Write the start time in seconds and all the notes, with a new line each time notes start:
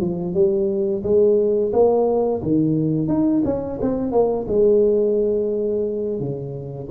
0.00 F3
0.34 G3
1.03 G#3
1.72 A#3
2.42 D#3
3.08 D#4
3.45 C#4
3.81 C4
4.11 A#3
4.48 G#3
6.19 C#3